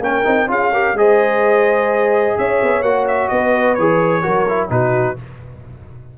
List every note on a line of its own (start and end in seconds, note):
0.00 0.23 A#3
0.00 0.25 C#4
0.00 0.50 A#4
0.00 0.51 G5
0.25 0.49 C4
0.25 0.48 D#4
0.48 0.93 C#4
0.48 0.71 F4
0.48 0.73 G#4
0.48 0.98 F5
0.73 0.97 G4
0.73 0.96 A#4
0.93 2.34 G#3
0.93 2.84 G#4
0.93 2.38 C5
0.93 2.38 D#5
2.38 2.62 C#4
2.38 3.32 C#5
2.38 2.83 E5
2.63 2.82 B3
2.82 3.29 A#3
2.82 3.78 F#4
2.82 3.06 F#5
3.08 3.29 E5
3.29 3.78 B3
3.29 4.23 B4
3.29 3.75 D#5
3.75 4.25 E3
3.75 4.23 G#4
3.75 4.69 C#5
4.23 4.71 F#3
4.23 4.46 F#4
4.23 4.70 A#4
4.49 4.70 E4
4.70 5.17 B2
4.70 5.17 D#4
4.70 5.18 F#4
4.70 5.18 B4